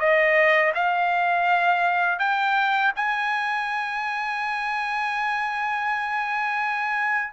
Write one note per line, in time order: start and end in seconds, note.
0.00 0.73 D#5
0.75 2.20 F5
2.20 2.93 G5
2.96 7.34 G#5